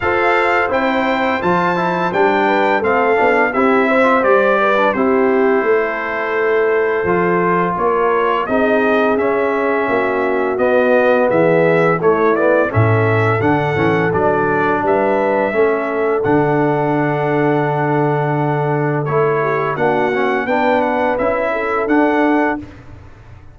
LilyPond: <<
  \new Staff \with { instrumentName = "trumpet" } { \time 4/4 \tempo 4 = 85 f''4 g''4 a''4 g''4 | f''4 e''4 d''4 c''4~ | c''2. cis''4 | dis''4 e''2 dis''4 |
e''4 cis''8 d''8 e''4 fis''4 | d''4 e''2 fis''4~ | fis''2. cis''4 | fis''4 g''8 fis''8 e''4 fis''4 | }
  \new Staff \with { instrumentName = "horn" } { \time 4/4 c''2.~ c''8 b'8 | a'4 g'8 c''4 b'8 g'4 | a'2. ais'4 | gis'2 fis'2 |
gis'4 e'4 a'2~ | a'4 b'4 a'2~ | a'2.~ a'8 g'8 | fis'4 b'4. a'4. | }
  \new Staff \with { instrumentName = "trombone" } { \time 4/4 a'4 e'4 f'8 e'8 d'4 | c'8 d'8 e'8. f'16 g'8. d'16 e'4~ | e'2 f'2 | dis'4 cis'2 b4~ |
b4 a8 b8 cis'4 d'8 cis'8 | d'2 cis'4 d'4~ | d'2. e'4 | d'8 cis'8 d'4 e'4 d'4 | }
  \new Staff \with { instrumentName = "tuba" } { \time 4/4 f'4 c'4 f4 g4 | a8 b8 c'4 g4 c'4 | a2 f4 ais4 | c'4 cis'4 ais4 b4 |
e4 a4 a,4 d8 e8 | fis4 g4 a4 d4~ | d2. a4 | ais4 b4 cis'4 d'4 | }
>>